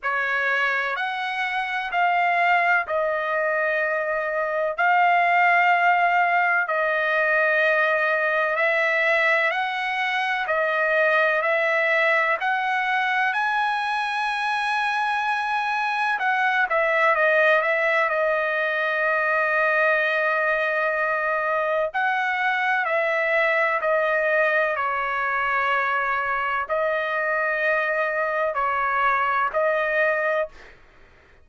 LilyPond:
\new Staff \with { instrumentName = "trumpet" } { \time 4/4 \tempo 4 = 63 cis''4 fis''4 f''4 dis''4~ | dis''4 f''2 dis''4~ | dis''4 e''4 fis''4 dis''4 | e''4 fis''4 gis''2~ |
gis''4 fis''8 e''8 dis''8 e''8 dis''4~ | dis''2. fis''4 | e''4 dis''4 cis''2 | dis''2 cis''4 dis''4 | }